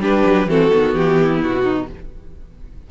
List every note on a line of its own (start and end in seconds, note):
0.00 0.24 G3
0.00 0.48 D4
0.00 0.49 G4
0.00 0.49 B4
0.26 0.47 F#3
0.47 0.71 E3
0.47 0.72 C4
0.47 1.20 F#4
0.47 0.95 A4
0.72 0.95 D#3
0.72 1.91 B3
0.95 1.42 E3
0.95 1.42 G4
1.22 1.63 E4
1.42 1.89 B2
1.42 1.90 F#4
1.63 1.87 D#4